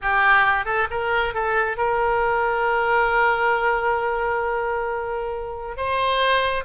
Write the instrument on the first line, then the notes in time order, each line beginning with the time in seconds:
oboe
0.01 G4
0.65 A4
0.90 A#4
1.34 A4
1.77 A#4
5.77 C5